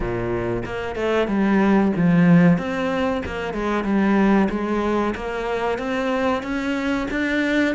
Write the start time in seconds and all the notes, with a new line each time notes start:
0.00 A#2
0.65 A#3
0.95 A3
1.27 G3
1.95 F3
2.57 C4
3.25 A#3
3.53 G#3
3.84 G3
4.49 G#3
5.15 A#3
5.78 C4
6.42 C#4
7.11 D4